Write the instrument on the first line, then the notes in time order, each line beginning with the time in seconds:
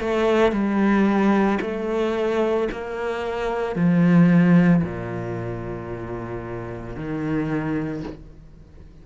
cello
0.00 A3
0.52 G3
1.61 A3
2.72 A#3
3.76 F3
4.84 A#2
6.96 D#3